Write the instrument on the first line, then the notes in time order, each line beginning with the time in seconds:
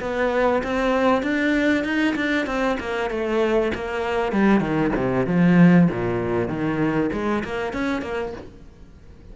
cello
0.00 B3
0.63 C4
1.22 D4
1.84 D#4
2.15 D4
2.46 C4
2.79 A#3
3.10 A3
3.75 A#3
4.32 G3
4.60 D#3
4.95 C3
5.27 F3
5.90 A#2
6.48 D#3
7.12 G#3
7.44 A#3
7.73 C#4
8.01 A#3